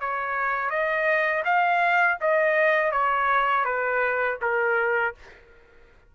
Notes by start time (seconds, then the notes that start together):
0.00 C#5
0.70 D#5
1.44 F5
2.21 D#5
2.91 C#5
3.64 B4
4.41 A#4